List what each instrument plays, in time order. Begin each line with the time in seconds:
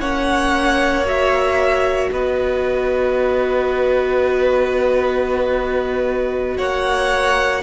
0.00 cello A#3, viola C#4, violin C#5 F#5
1.06 viola F#4, violin E5
2.11 cello B3, violin B4 D#5
6.58 cello A#3, violin C#5 F#5